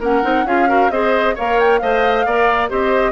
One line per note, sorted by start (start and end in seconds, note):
0.00 0.22 A#3
0.00 0.23 C#4
0.00 0.45 A#4
0.00 0.47 F#5
0.23 0.44 C4
0.23 0.45 D#4
0.44 0.89 C#4
0.44 0.68 F4
0.44 0.69 G#4
0.44 0.90 F5
0.68 0.90 F#4
0.68 0.91 A#4
0.90 1.35 C4
0.90 1.36 G#4
0.90 1.35 C5
0.90 1.35 D#5
1.35 1.82 A#3
1.35 1.81 A#4
1.35 1.80 C#5
1.35 1.60 F5
1.60 1.78 G5
1.78 2.26 A3
1.78 2.26 C5
1.78 2.26 D#5
1.78 2.68 F5
2.26 2.70 A#3
2.26 2.69 A#4
2.26 2.70 D5
2.69 3.11 C4
2.69 3.11 G4
2.69 3.11 C5
2.69 3.11 D#5